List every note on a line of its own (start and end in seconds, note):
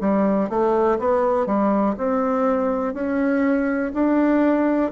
0.00 0.49 G3
0.49 0.98 A3
0.99 1.46 B3
1.46 1.95 G3
1.97 2.94 C4
2.94 3.92 C#4
3.93 4.91 D4